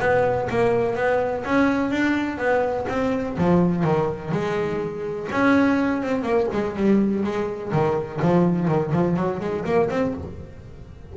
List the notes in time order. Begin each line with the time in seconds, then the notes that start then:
0.00 B3
0.50 A#3
0.96 B3
1.45 C#4
1.91 D4
2.38 B3
2.89 C4
3.38 F3
3.84 D#3
4.32 G#3
5.32 C#4
6.03 C4
6.23 A#3
6.53 G#3
6.77 G3
7.24 G#3
7.73 D#3
8.22 F3
8.68 D#3
8.93 F3
9.17 F#3
9.41 G#3
9.66 A#3
9.91 C4